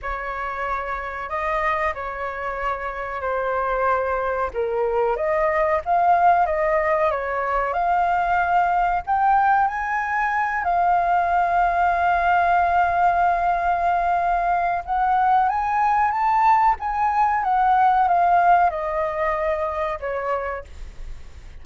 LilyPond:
\new Staff \with { instrumentName = "flute" } { \time 4/4 \tempo 4 = 93 cis''2 dis''4 cis''4~ | cis''4 c''2 ais'4 | dis''4 f''4 dis''4 cis''4 | f''2 g''4 gis''4~ |
gis''8 f''2.~ f''8~ | f''2. fis''4 | gis''4 a''4 gis''4 fis''4 | f''4 dis''2 cis''4 | }